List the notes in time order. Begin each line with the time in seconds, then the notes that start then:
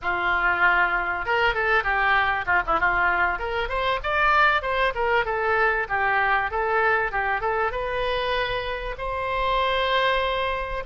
0.02 F4
1.25 A#4
1.54 A4
1.83 G4
2.46 F4
2.66 E4
2.79 F4
3.38 A#4
3.68 C5
4.03 D5
4.62 C5
4.94 A#4
5.25 A4
5.88 G4
6.51 A4
7.11 G4
7.41 A4
7.71 B4
8.98 C5